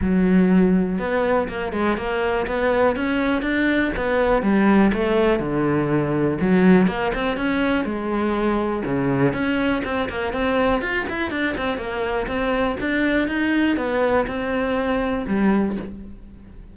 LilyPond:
\new Staff \with { instrumentName = "cello" } { \time 4/4 \tempo 4 = 122 fis2 b4 ais8 gis8 | ais4 b4 cis'4 d'4 | b4 g4 a4 d4~ | d4 fis4 ais8 c'8 cis'4 |
gis2 cis4 cis'4 | c'8 ais8 c'4 f'8 e'8 d'8 c'8 | ais4 c'4 d'4 dis'4 | b4 c'2 g4 | }